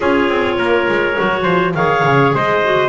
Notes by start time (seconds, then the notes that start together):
0.00 C#4 F4 G#4 C#5
0.28 C4
0.58 A#3 A#4
0.88 G#3
1.16 F#3 F#4
1.42 F3 C5
1.74 D#3 G#4 C#5 F5
2.04 C#3
2.34 G#3 C5 D#5
2.64 F#4